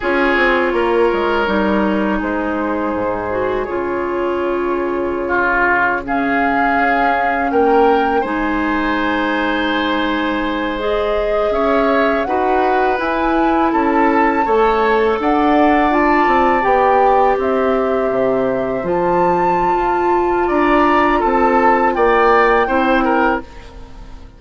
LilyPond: <<
  \new Staff \with { instrumentName = "flute" } { \time 4/4 \tempo 4 = 82 cis''2. c''4~ | c''4 cis''2.~ | cis''16 f''2 g''4 gis''8.~ | gis''2~ gis''8. dis''4 e''16~ |
e''8. fis''4 gis''4 a''4~ a''16~ | a''8. fis''4 a''4 g''4 e''16~ | e''4.~ e''16 a''2~ a''16 | ais''4 a''4 g''2 | }
  \new Staff \with { instrumentName = "oboe" } { \time 4/4 gis'4 ais'2 gis'4~ | gis'2.~ gis'16 f'8.~ | f'16 gis'2 ais'4 c''8.~ | c''2.~ c''8. cis''16~ |
cis''8. b'2 a'4 cis''16~ | cis''8. d''2. c''16~ | c''1 | d''4 a'4 d''4 c''8 ais'8 | }
  \new Staff \with { instrumentName = "clarinet" } { \time 4/4 f'2 dis'2~ | dis'8 fis'8 f'2.~ | f'16 cis'2. dis'8.~ | dis'2~ dis'8. gis'4~ gis'16~ |
gis'8. fis'4 e'2 a'16~ | a'4.~ a'16 f'4 g'4~ g'16~ | g'4.~ g'16 f'2~ f'16~ | f'2. e'4 | }
  \new Staff \with { instrumentName = "bassoon" } { \time 4/4 cis'8 c'8 ais8 gis8 g4 gis4 | gis,4 cis2.~ | cis4~ cis16 cis'4 ais4 gis8.~ | gis2.~ gis8. cis'16~ |
cis'8. dis'4 e'4 cis'4 a16~ | a8. d'4. c'8 b4 c'16~ | c'8. c4 f4~ f16 f'4 | d'4 c'4 ais4 c'4 | }
>>